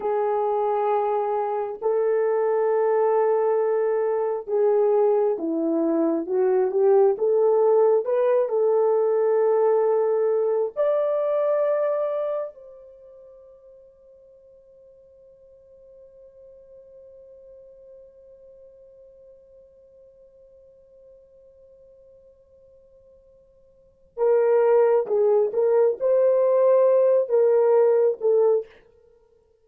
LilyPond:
\new Staff \with { instrumentName = "horn" } { \time 4/4 \tempo 4 = 67 gis'2 a'2~ | a'4 gis'4 e'4 fis'8 g'8 | a'4 b'8 a'2~ a'8 | d''2 c''2~ |
c''1~ | c''1~ | c''2. ais'4 | gis'8 ais'8 c''4. ais'4 a'8 | }